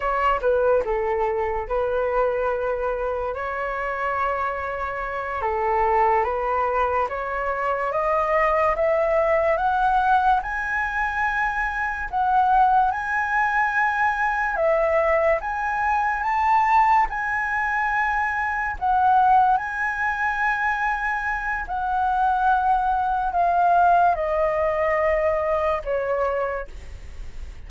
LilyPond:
\new Staff \with { instrumentName = "flute" } { \time 4/4 \tempo 4 = 72 cis''8 b'8 a'4 b'2 | cis''2~ cis''8 a'4 b'8~ | b'8 cis''4 dis''4 e''4 fis''8~ | fis''8 gis''2 fis''4 gis''8~ |
gis''4. e''4 gis''4 a''8~ | a''8 gis''2 fis''4 gis''8~ | gis''2 fis''2 | f''4 dis''2 cis''4 | }